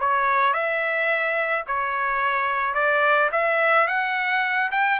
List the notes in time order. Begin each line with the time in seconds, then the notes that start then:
0.00 C#5
0.54 E5
1.67 C#5
2.74 D5
3.32 E5
3.88 F#5
4.72 G5